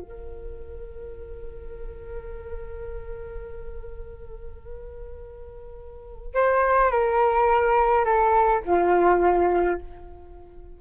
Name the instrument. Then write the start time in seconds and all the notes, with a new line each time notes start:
flute
0.00 A#4
6.34 C5
6.91 A#4
8.05 A4
8.65 F4